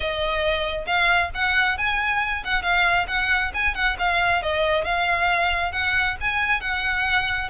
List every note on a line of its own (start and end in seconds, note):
0.00 0.85 D#5
0.86 1.30 F5
1.34 1.77 F#5
1.77 2.43 G#5
2.44 2.62 F#5
2.62 3.06 F5
3.07 3.52 F#5
3.54 3.74 G#5
3.74 3.96 F#5
3.98 4.42 F5
4.42 4.84 D#5
4.84 5.72 F5
5.72 6.16 F#5
6.20 6.61 G#5
6.61 7.49 F#5